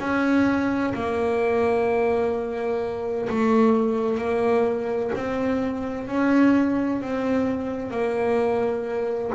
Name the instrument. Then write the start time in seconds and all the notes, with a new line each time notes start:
double bass
0.00 C#4
0.95 A#3
3.29 A3
4.18 A#3
5.16 C4
6.08 C#4
7.01 C4
7.91 A#3